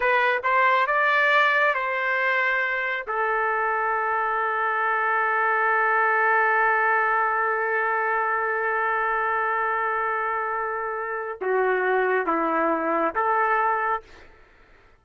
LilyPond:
\new Staff \with { instrumentName = "trumpet" } { \time 4/4 \tempo 4 = 137 b'4 c''4 d''2 | c''2. a'4~ | a'1~ | a'1~ |
a'1~ | a'1~ | a'2 fis'2 | e'2 a'2 | }